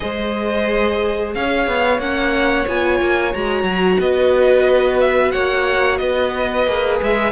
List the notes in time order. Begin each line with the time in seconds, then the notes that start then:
0.00 G#3 G#4 C5 D#5
1.34 C#4 C#5 F5
1.67 B3
1.98 A#3 C#4 F#5
2.67 B3 F4 G#5
3.00 A#3
3.33 G#3 F#4 A#5
3.63 F#3
3.99 B3 B4 D#5
5.00 E5
5.31 A#3 C#5 F#5
5.97 B3 B4 D#5
6.67 A#3 G#4
7.02 G#3 E5